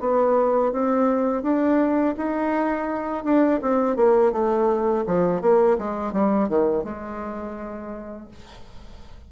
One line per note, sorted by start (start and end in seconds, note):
0.00 0.72 B3
0.72 1.42 C4
1.42 2.15 D4
2.17 3.24 D#4
3.24 3.60 D4
3.62 3.96 C4
3.96 4.32 A#3
4.32 5.04 A3
5.06 5.41 F3
5.41 5.77 A#3
5.78 6.12 G#3
6.12 6.48 G3
6.48 6.83 D#3
6.83 8.28 G#3